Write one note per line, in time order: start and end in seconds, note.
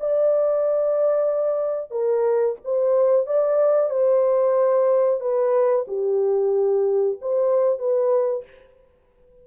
0.00 1.91 D5
1.91 2.56 A#4
2.64 3.26 C5
3.26 3.90 D5
3.90 5.20 C5
5.20 5.85 B4
5.88 7.18 G4
7.21 7.78 C5
7.78 8.44 B4